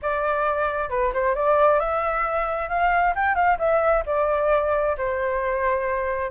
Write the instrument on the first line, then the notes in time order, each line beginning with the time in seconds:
flute
0.01 D5
0.89 B4
1.13 C5
1.35 D5
1.79 E5
2.68 F5
3.15 G5
3.35 F5
3.58 E5
4.06 D5
4.97 C5